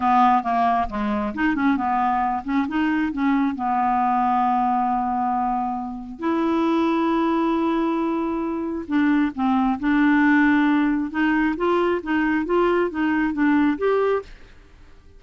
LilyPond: \new Staff \with { instrumentName = "clarinet" } { \time 4/4 \tempo 4 = 135 b4 ais4 gis4 dis'8 cis'8 | b4. cis'8 dis'4 cis'4 | b1~ | b2 e'2~ |
e'1 | d'4 c'4 d'2~ | d'4 dis'4 f'4 dis'4 | f'4 dis'4 d'4 g'4 | }